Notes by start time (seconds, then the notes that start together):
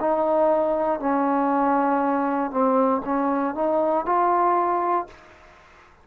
0.00 D#4
0.99 C#4
2.51 C4
3.05 C#4
3.55 D#4
4.05 F4